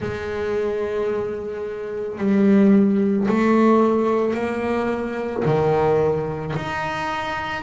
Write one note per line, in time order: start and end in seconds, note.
0.00 2.18 G#3
2.18 3.27 G3
3.28 4.33 A3
4.33 5.42 A#3
5.45 6.54 D#3
6.56 7.62 D#4